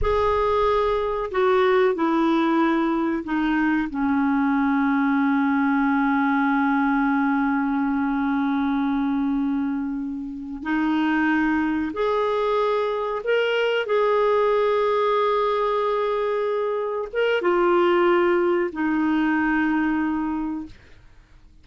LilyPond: \new Staff \with { instrumentName = "clarinet" } { \time 4/4 \tempo 4 = 93 gis'2 fis'4 e'4~ | e'4 dis'4 cis'2~ | cis'1~ | cis'1~ |
cis'8 dis'2 gis'4.~ | gis'8 ais'4 gis'2~ gis'8~ | gis'2~ gis'8 ais'8 f'4~ | f'4 dis'2. | }